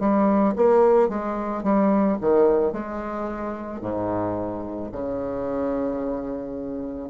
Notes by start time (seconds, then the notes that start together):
0.00 G3
0.56 A#3
1.09 G#3
1.64 G3
2.21 D#3
2.73 G#3
3.81 G#2
4.92 C#3